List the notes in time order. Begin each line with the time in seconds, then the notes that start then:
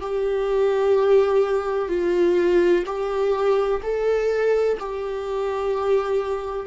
0.00 G4
1.88 F4
2.86 G4
3.82 A4
4.79 G4